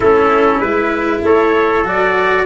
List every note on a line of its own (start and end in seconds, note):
0.00 0.59 A3
0.00 0.64 C#4
0.00 1.22 E4
0.00 0.60 A4
0.59 1.21 G#3
0.59 1.85 E4
0.59 1.22 B4
1.22 1.84 A3
1.22 2.45 A4
1.22 1.87 C#5
1.84 2.45 F#3
1.84 2.45 F#4
1.84 2.45 D5